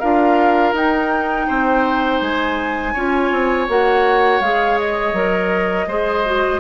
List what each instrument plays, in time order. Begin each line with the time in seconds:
0.00 bassoon D4, clarinet F4, oboe A#4, flute F5
0.73 bassoon D#4, clarinet D#4, flute G5
1.48 bassoon C4, oboe C5
2.21 bassoon G#3, flute G#5
2.94 bassoon C#4, clarinet F4, oboe C#5
3.31 bassoon C4
3.68 bassoon A#3, clarinet F#4, flute F#5
4.41 bassoon G#3, clarinet G#4, flute F5
4.79 flute D#5
5.13 bassoon F#3, clarinet A#4
5.87 bassoon G#3, clarinet G#4, oboe C5
6.26 clarinet F#4